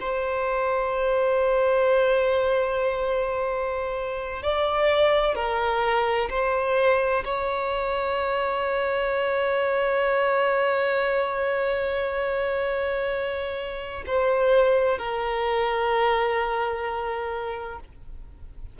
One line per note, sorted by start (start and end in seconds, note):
0.00 4.42 C5
4.42 5.35 D5
5.35 6.29 A#4
6.30 7.24 C5
7.24 14.04 C#5
14.07 14.98 C5
14.98 17.79 A#4